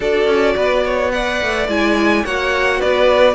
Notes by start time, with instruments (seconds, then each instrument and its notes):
0.00 cello D4, viola F#4, violin A4 D5
0.26 cello C#4
0.55 cello B3, violin B4
0.84 violin C#5
1.11 viola B4, violin D5 F#5
1.41 cello A3
1.67 cello G#3, viola E4, violin G#5
2.25 cello A#3, viola F#4, violin C#5 F#5
2.79 cello B3, violin B4 D5